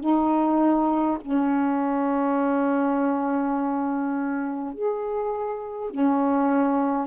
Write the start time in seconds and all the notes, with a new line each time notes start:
0.00 D#4
1.20 C#4
4.73 G#4
5.90 C#4